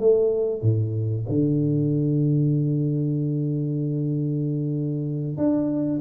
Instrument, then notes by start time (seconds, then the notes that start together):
tuba
0.00 A3
0.63 A2
1.29 D3
5.37 D4